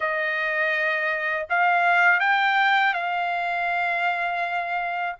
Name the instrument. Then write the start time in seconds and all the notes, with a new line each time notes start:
trumpet
0.00 D#5
1.49 F5
2.20 G5
2.93 F5